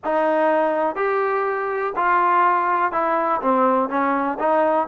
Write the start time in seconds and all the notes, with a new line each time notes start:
0.04 D#4
0.95 G4
1.95 F4
2.92 E4
3.41 C4
3.89 C#4
4.39 D#4